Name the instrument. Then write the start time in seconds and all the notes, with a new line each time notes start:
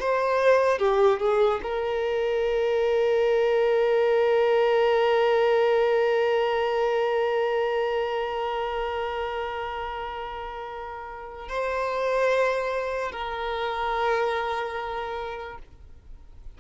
violin
0.00 C5
0.79 G4
1.20 G#4
1.63 A#4
11.49 C5
13.12 A#4